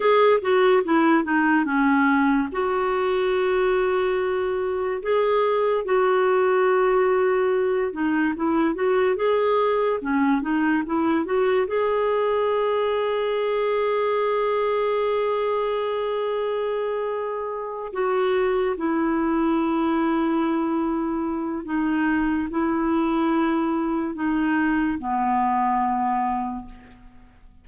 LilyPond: \new Staff \with { instrumentName = "clarinet" } { \time 4/4 \tempo 4 = 72 gis'8 fis'8 e'8 dis'8 cis'4 fis'4~ | fis'2 gis'4 fis'4~ | fis'4. dis'8 e'8 fis'8 gis'4 | cis'8 dis'8 e'8 fis'8 gis'2~ |
gis'1~ | gis'4. fis'4 e'4.~ | e'2 dis'4 e'4~ | e'4 dis'4 b2 | }